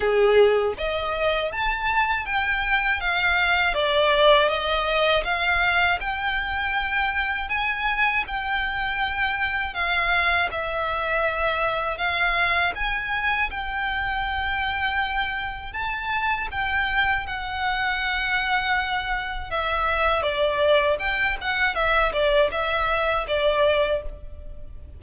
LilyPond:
\new Staff \with { instrumentName = "violin" } { \time 4/4 \tempo 4 = 80 gis'4 dis''4 a''4 g''4 | f''4 d''4 dis''4 f''4 | g''2 gis''4 g''4~ | g''4 f''4 e''2 |
f''4 gis''4 g''2~ | g''4 a''4 g''4 fis''4~ | fis''2 e''4 d''4 | g''8 fis''8 e''8 d''8 e''4 d''4 | }